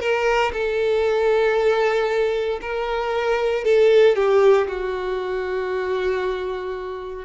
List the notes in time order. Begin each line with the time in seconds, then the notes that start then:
0.00 A#4
0.53 A4
2.61 A#4
3.64 A4
4.16 G4
4.68 F#4